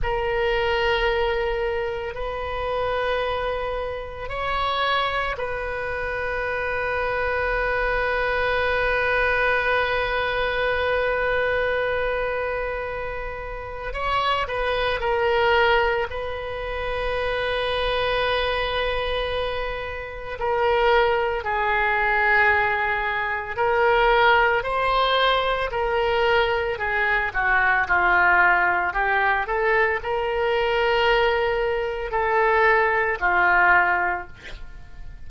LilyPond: \new Staff \with { instrumentName = "oboe" } { \time 4/4 \tempo 4 = 56 ais'2 b'2 | cis''4 b'2.~ | b'1~ | b'4 cis''8 b'8 ais'4 b'4~ |
b'2. ais'4 | gis'2 ais'4 c''4 | ais'4 gis'8 fis'8 f'4 g'8 a'8 | ais'2 a'4 f'4 | }